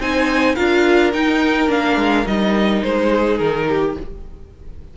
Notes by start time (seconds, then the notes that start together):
0.00 C4 D#4 C5 G#5
0.56 D4 F4 A#4 F5
1.13 D#4 G5
1.69 A#3 D4 F5
1.97 G#3
2.26 G3 D#4 D#5
2.83 G#3 C5
3.10 G#4
3.38 D#3 A#4
3.69 G4